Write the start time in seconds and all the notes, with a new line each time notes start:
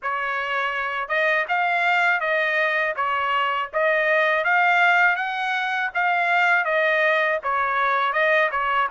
0.02 C#5
1.08 D#5
1.48 F5
2.20 D#5
2.96 C#5
3.73 D#5
4.44 F5
5.16 F#5
5.94 F5
6.64 D#5
7.43 C#5
8.12 D#5
8.51 C#5